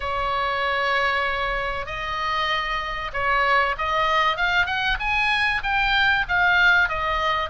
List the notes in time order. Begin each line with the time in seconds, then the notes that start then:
0.00 C#5
1.86 D#5
3.13 C#5
3.78 D#5
4.37 F5
4.66 F#5
4.99 G#5
5.63 G5
6.28 F5
6.89 D#5